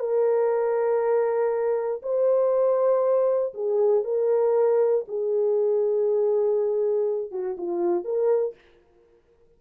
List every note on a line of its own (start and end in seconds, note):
0.00 2.02 A#4
2.03 3.54 C5
3.54 4.04 G#4
4.04 5.05 A#4
5.08 7.31 G#4
7.31 7.57 F#4
7.58 8.05 F4
8.05 8.55 A#4